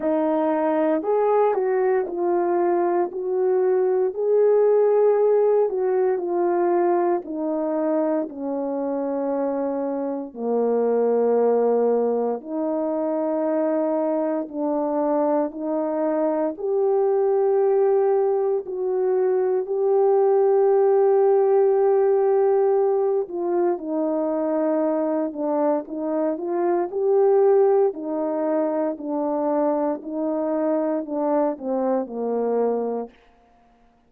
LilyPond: \new Staff \with { instrumentName = "horn" } { \time 4/4 \tempo 4 = 58 dis'4 gis'8 fis'8 f'4 fis'4 | gis'4. fis'8 f'4 dis'4 | cis'2 ais2 | dis'2 d'4 dis'4 |
g'2 fis'4 g'4~ | g'2~ g'8 f'8 dis'4~ | dis'8 d'8 dis'8 f'8 g'4 dis'4 | d'4 dis'4 d'8 c'8 ais4 | }